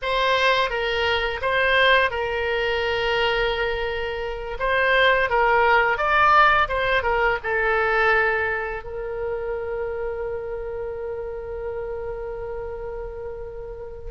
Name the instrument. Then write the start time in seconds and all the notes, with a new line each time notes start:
oboe
0.02 C5
0.70 A#4
1.41 C5
2.10 A#4
4.59 C5
5.29 A#4
5.97 D5
6.68 C5
7.02 A#4
7.43 A4
8.83 A#4